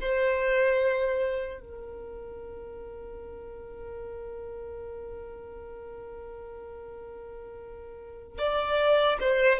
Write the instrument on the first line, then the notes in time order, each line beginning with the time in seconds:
violin
0.00 C5
1.60 A#4
8.38 D5
9.20 C5